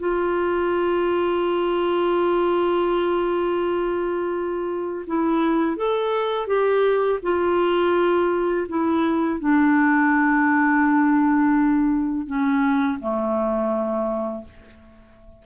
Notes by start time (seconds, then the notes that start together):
0.00 F4
5.07 E4
5.77 A4
6.48 G4
7.23 F4
8.69 E4
9.40 D4
12.27 C#4
13.00 A3